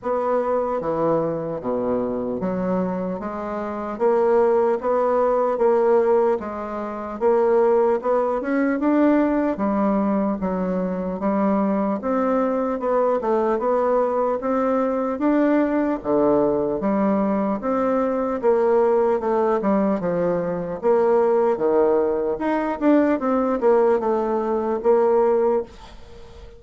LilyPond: \new Staff \with { instrumentName = "bassoon" } { \time 4/4 \tempo 4 = 75 b4 e4 b,4 fis4 | gis4 ais4 b4 ais4 | gis4 ais4 b8 cis'8 d'4 | g4 fis4 g4 c'4 |
b8 a8 b4 c'4 d'4 | d4 g4 c'4 ais4 | a8 g8 f4 ais4 dis4 | dis'8 d'8 c'8 ais8 a4 ais4 | }